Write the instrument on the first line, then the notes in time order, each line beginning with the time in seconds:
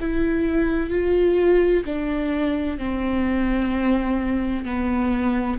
viola
0.00 E4
0.90 F4
1.85 D4
2.78 C4
4.65 B3